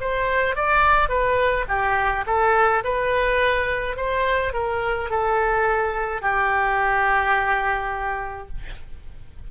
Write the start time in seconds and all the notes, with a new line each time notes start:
0.00 C5
0.56 D5
1.09 B4
1.68 G4
2.26 A4
2.84 B4
3.96 C5
4.53 A#4
5.10 A4
6.22 G4